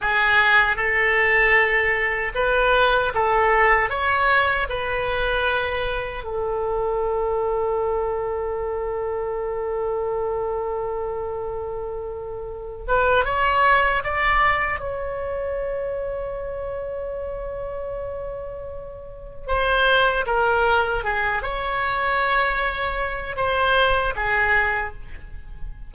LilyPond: \new Staff \with { instrumentName = "oboe" } { \time 4/4 \tempo 4 = 77 gis'4 a'2 b'4 | a'4 cis''4 b'2 | a'1~ | a'1~ |
a'8 b'8 cis''4 d''4 cis''4~ | cis''1~ | cis''4 c''4 ais'4 gis'8 cis''8~ | cis''2 c''4 gis'4 | }